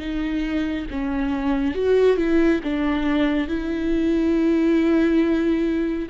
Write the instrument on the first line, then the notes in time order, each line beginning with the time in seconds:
viola
0.00 D#4
0.91 C#4
1.75 F#4
2.17 E4
2.64 D4
3.49 E4